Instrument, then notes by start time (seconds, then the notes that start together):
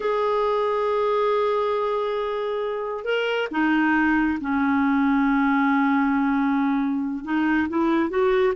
clarinet
0.00 G#4
3.04 A#4
3.51 D#4
4.40 C#4
7.24 D#4
7.68 E4
8.09 F#4